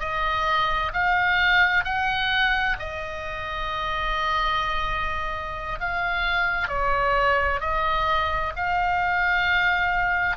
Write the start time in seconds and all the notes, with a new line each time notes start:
0.00 D#5
0.94 F5
1.85 F#5
2.79 D#5
5.80 F5
6.68 C#5
7.61 D#5
8.56 F5